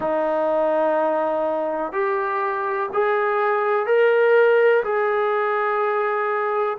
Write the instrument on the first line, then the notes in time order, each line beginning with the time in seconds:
trombone
0.00 D#4
1.92 G4
2.93 G#4
3.86 A#4
4.83 G#4